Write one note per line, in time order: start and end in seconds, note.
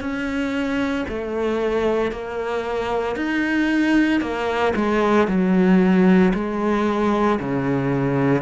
0.00 1.05 C#4
1.09 2.11 A3
2.11 3.16 A#3
3.16 4.21 D#4
4.21 4.73 A#3
4.76 5.27 G#3
5.27 6.33 F#3
6.34 7.39 G#3
7.39 8.42 C#3